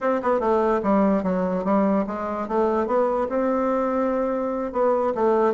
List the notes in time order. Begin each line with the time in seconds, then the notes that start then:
0.00 C4
0.22 B3
0.39 A3
0.82 G3
1.23 F#3
1.64 G3
2.07 G#3
2.48 A3
2.86 B3
3.29 C4
4.72 B3
5.14 A3